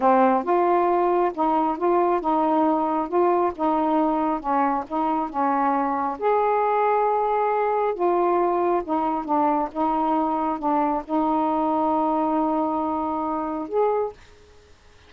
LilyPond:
\new Staff \with { instrumentName = "saxophone" } { \time 4/4 \tempo 4 = 136 c'4 f'2 dis'4 | f'4 dis'2 f'4 | dis'2 cis'4 dis'4 | cis'2 gis'2~ |
gis'2 f'2 | dis'4 d'4 dis'2 | d'4 dis'2.~ | dis'2. gis'4 | }